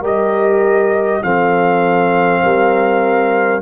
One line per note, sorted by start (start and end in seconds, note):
0.00 1.21 G3
0.00 1.22 G4
0.00 1.20 A#4
0.00 1.23 D#5
1.22 2.43 F3
1.22 3.62 C4
1.22 2.43 A4
1.22 3.62 F5
2.43 3.62 G3
2.43 3.62 A#4